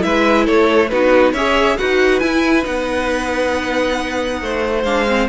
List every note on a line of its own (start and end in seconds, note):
0.00 0.48 G#3
0.00 0.88 E4
0.00 0.45 B4
0.00 0.47 E5
0.45 0.92 A3
0.45 0.89 A4
0.45 0.90 C#5
0.90 1.33 B3
0.90 1.36 D#4
0.90 1.33 F#4
0.90 1.33 B4
1.33 1.77 C#4
1.33 1.79 G#4
1.33 1.77 C#5
1.33 1.78 E5
1.78 2.22 D#4
1.78 2.22 F#4
1.78 4.41 B4
1.78 2.20 F#5
2.20 2.63 E4
2.20 2.66 E4
2.20 2.64 G#5
2.63 4.42 B3
2.63 4.82 D#4
2.63 4.85 F#5
4.42 4.84 A3
4.42 5.30 C5
4.84 5.28 G#3
4.84 5.08 D4
4.84 5.29 F5
5.08 5.30 C4